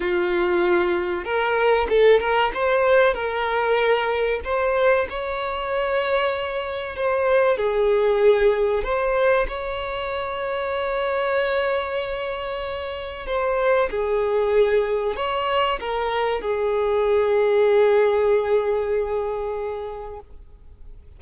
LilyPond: \new Staff \with { instrumentName = "violin" } { \time 4/4 \tempo 4 = 95 f'2 ais'4 a'8 ais'8 | c''4 ais'2 c''4 | cis''2. c''4 | gis'2 c''4 cis''4~ |
cis''1~ | cis''4 c''4 gis'2 | cis''4 ais'4 gis'2~ | gis'1 | }